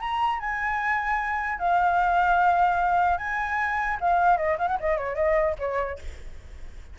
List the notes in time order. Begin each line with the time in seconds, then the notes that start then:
0.00 A#5
0.40 G#5
1.59 F5
3.18 G#5
4.00 F5
4.37 D#5
4.58 F5
4.68 F#5
4.80 D#5
4.97 C#5
5.16 D#5
5.59 C#5